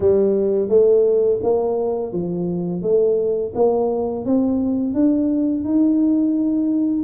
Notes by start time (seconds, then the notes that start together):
0.00 G3
0.69 A3
1.42 A#3
2.12 F3
2.82 A3
3.54 A#3
4.25 C4
4.94 D4
5.64 D#4